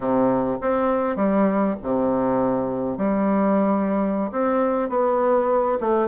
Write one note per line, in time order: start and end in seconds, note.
0.00 0.58 C3
0.61 1.16 C4
1.16 1.75 G3
1.82 2.97 C3
2.97 4.31 G3
4.31 4.89 C4
4.89 5.78 B3
5.80 6.08 A3